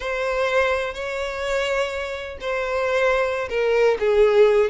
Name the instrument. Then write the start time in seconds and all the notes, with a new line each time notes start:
violin
0.00 C5
0.94 C#5
2.40 C5
3.49 A#4
3.99 G#4